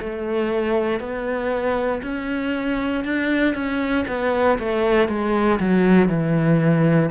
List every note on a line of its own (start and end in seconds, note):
0.00 1.00 A3
1.00 2.02 B3
2.03 3.05 C#4
3.05 3.55 D4
3.55 4.05 C#4
4.08 4.59 B3
4.59 5.08 A3
5.08 5.59 G#3
5.60 6.08 F#3
6.08 7.10 E3